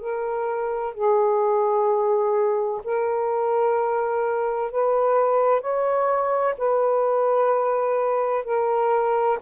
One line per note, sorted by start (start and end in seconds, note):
0.00 0.94 A#4
0.94 2.81 G#4
2.84 4.71 A#4
4.71 5.61 B4
5.61 6.55 C#5
6.58 8.45 B4
8.45 9.38 A#4